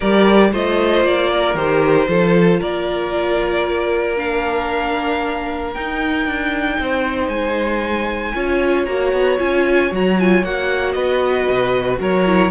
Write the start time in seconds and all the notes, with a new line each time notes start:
0.00 G3 G4 A#4 D5
0.52 A3 F4 C5 D#5
1.04 A#3 D5
1.30 A#4
1.54 D#3 G4 C5
2.08 F3 F4 A4
2.60 A#3 A#4 D5
4.16 D4 F5
5.73 D#4 G5
6.25 D4
6.79 C4 C5
7.28 G#3 G#5
8.34 C#4 F4 C#5
8.84 A#3 F#4 A#5
9.12 B3
9.38 C#4 F4 G#5
9.91 F#3 F#4 A#5
10.19 F4 G#5
10.43 A#3 F#4 F#5
10.92 B3 B4 D#5
11.49 B2
11.99 F#3 A#4 C#5
12.25 E4